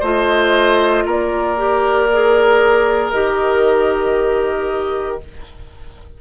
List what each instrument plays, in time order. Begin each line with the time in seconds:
0.00 bassoon A3, clarinet F4, oboe C5, flute D#5
1.06 bassoon A#3, oboe A#4, flute D5
1.57 clarinet G4
2.13 clarinet G#4
3.10 bassoon D#3, clarinet G4, flute D#5